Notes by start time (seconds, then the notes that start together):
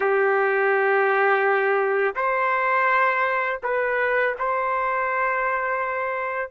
0.00 G4
2.15 C5
3.63 B4
4.38 C5